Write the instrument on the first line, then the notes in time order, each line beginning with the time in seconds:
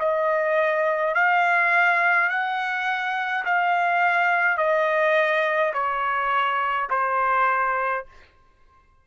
trumpet
0.00 D#5
1.15 F5
2.30 F#5
3.46 F5
4.58 D#5
5.74 C#5
6.90 C5